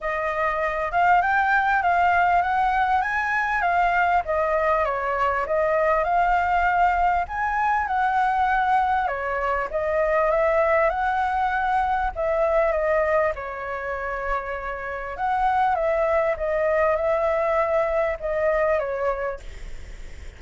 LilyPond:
\new Staff \with { instrumentName = "flute" } { \time 4/4 \tempo 4 = 99 dis''4. f''8 g''4 f''4 | fis''4 gis''4 f''4 dis''4 | cis''4 dis''4 f''2 | gis''4 fis''2 cis''4 |
dis''4 e''4 fis''2 | e''4 dis''4 cis''2~ | cis''4 fis''4 e''4 dis''4 | e''2 dis''4 cis''4 | }